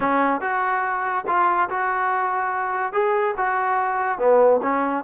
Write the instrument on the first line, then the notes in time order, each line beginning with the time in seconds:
trombone
0.00 C#4
0.40 F#4
1.27 F4
1.69 F#4
2.92 G#4
3.37 F#4
4.18 B3
4.62 C#4